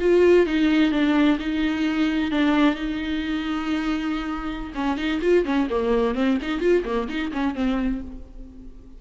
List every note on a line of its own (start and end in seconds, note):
0.00 0.47 F4
0.47 0.92 D#4
0.92 1.38 D4
1.39 2.32 D#4
2.32 2.75 D4
2.75 4.73 D#4
4.75 4.97 C#4
4.97 5.21 D#4
5.22 5.45 F4
5.45 5.68 C#4
5.70 6.15 A#3
6.15 6.38 C4
6.42 6.61 D#4
6.61 6.84 F4
6.85 7.08 A#3
7.09 7.32 D#4
7.33 7.55 C#4
7.55 8.01 C4